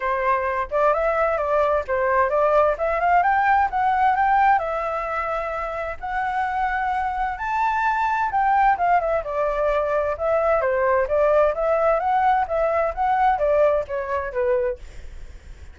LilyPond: \new Staff \with { instrumentName = "flute" } { \time 4/4 \tempo 4 = 130 c''4. d''8 e''4 d''4 | c''4 d''4 e''8 f''8 g''4 | fis''4 g''4 e''2~ | e''4 fis''2. |
a''2 g''4 f''8 e''8 | d''2 e''4 c''4 | d''4 e''4 fis''4 e''4 | fis''4 d''4 cis''4 b'4 | }